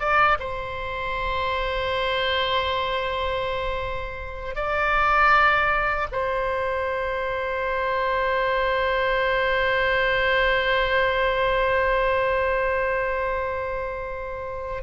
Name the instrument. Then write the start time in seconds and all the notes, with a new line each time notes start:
oboe
0.00 D5
0.39 C5
4.55 D5
6.12 C5